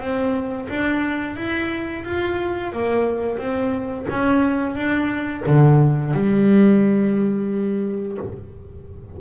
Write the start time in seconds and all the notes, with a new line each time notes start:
0.00 C4
0.69 D4
1.36 E4
2.05 F4
2.72 A#3
3.38 C4
4.10 C#4
4.75 D4
5.46 D3
6.14 G3